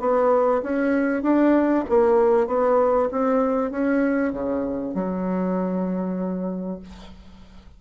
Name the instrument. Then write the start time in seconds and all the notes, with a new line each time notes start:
bassoon
0.00 B3
0.63 C#4
1.23 D4
1.89 A#3
2.47 B3
3.12 C4
3.71 C#4
4.33 C#3
4.95 F#3